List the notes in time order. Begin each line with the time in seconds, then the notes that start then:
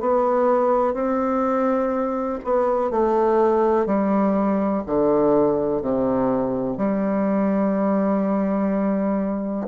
0.00 B3
0.94 C4
2.44 B3
2.91 A3
3.86 G3
4.86 D3
5.82 C3
6.77 G3